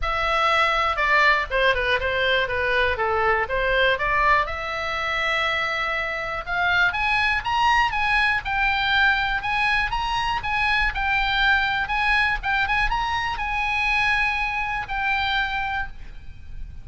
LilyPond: \new Staff \with { instrumentName = "oboe" } { \time 4/4 \tempo 4 = 121 e''2 d''4 c''8 b'8 | c''4 b'4 a'4 c''4 | d''4 e''2.~ | e''4 f''4 gis''4 ais''4 |
gis''4 g''2 gis''4 | ais''4 gis''4 g''2 | gis''4 g''8 gis''8 ais''4 gis''4~ | gis''2 g''2 | }